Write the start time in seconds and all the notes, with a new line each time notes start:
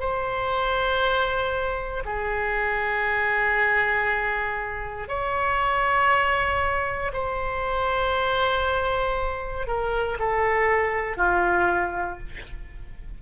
0.00 C5
2.05 G#4
5.08 C#5
7.13 C5
9.67 A#4
10.19 A4
11.17 F4